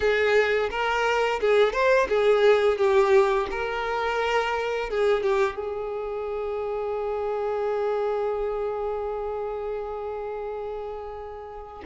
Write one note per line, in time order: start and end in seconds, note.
0.00 0.69 G#4
0.70 1.40 A#4
1.40 1.72 G#4
1.72 2.07 C5
2.09 2.77 G#4
2.77 3.47 G4
3.50 4.90 A#4
4.90 5.23 G#4
5.23 5.55 G4
5.55 11.83 G#4